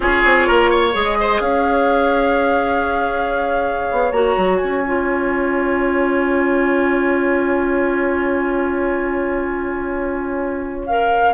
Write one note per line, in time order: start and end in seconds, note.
0.00 0.22 C#4
0.00 0.92 F4
0.00 0.47 G#4
0.00 0.95 C#5
0.24 0.48 C4
0.47 0.94 A#3
0.47 0.70 A#4
0.70 1.17 C#5
0.92 1.40 G#3
0.92 4.11 G#4
0.92 1.40 D#5
1.20 1.41 C5
1.40 3.88 C#4
1.40 11.33 C#5
1.40 4.12 F5
3.91 4.11 B3
4.11 4.35 A#3
4.11 4.84 F#4
4.11 4.56 A#5
4.36 4.60 F#3
4.56 10.82 G#5
4.63 11.33 C#4
4.86 10.88 F4
10.86 11.33 A#4
10.86 11.33 F5